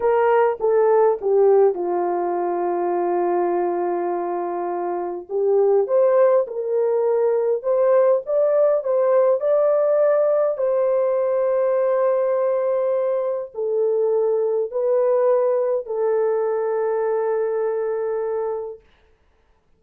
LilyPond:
\new Staff \with { instrumentName = "horn" } { \time 4/4 \tempo 4 = 102 ais'4 a'4 g'4 f'4~ | f'1~ | f'4 g'4 c''4 ais'4~ | ais'4 c''4 d''4 c''4 |
d''2 c''2~ | c''2. a'4~ | a'4 b'2 a'4~ | a'1 | }